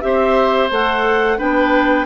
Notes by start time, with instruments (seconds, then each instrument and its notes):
0.00 bassoon C4, clarinet G4 E5, oboe C5
0.70 bassoon A3, clarinet A4 F#5
1.38 bassoon B3, clarinet D4 G5, oboe B4